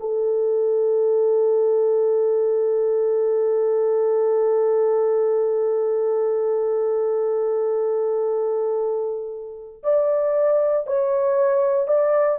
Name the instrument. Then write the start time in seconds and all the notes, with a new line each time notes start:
horn
0.00 A4
9.84 D5
10.87 C#5
11.88 D5